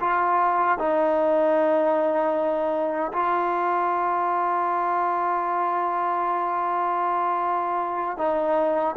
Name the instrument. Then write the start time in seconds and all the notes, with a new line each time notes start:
trombone
0.00 F4
0.78 D#4
3.12 F4
8.17 D#4